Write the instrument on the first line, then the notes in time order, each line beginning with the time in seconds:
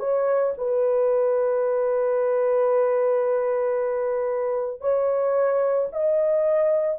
horn
0.00 C#5
0.58 B4
4.81 C#5
5.93 D#5